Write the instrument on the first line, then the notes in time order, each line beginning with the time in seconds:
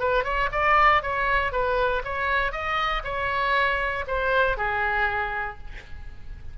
oboe
0.00 B4
0.24 C#5
0.52 D5
1.02 C#5
1.52 B4
2.05 C#5
2.52 D#5
3.04 C#5
4.07 C5
4.57 G#4